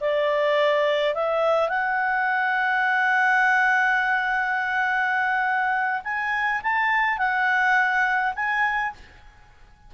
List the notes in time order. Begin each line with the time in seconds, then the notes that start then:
0.00 D5
1.14 E5
1.68 F#5
6.03 G#5
6.63 A5
7.18 F#5
8.35 G#5